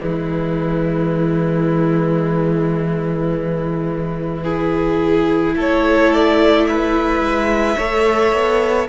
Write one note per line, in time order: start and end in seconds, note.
0.00 5.55 E3
0.00 4.44 G#3
0.00 4.44 E4
0.00 5.56 B4
4.44 7.77 E4
4.44 5.55 G#4
5.55 7.21 A3
5.55 6.67 A4
5.55 6.14 C#5
6.14 6.67 D5
6.67 7.77 B4
6.67 8.89 E5
7.21 7.76 G#3
7.77 8.33 A3
7.77 8.89 A4
7.77 8.88 C#5
8.33 8.88 B3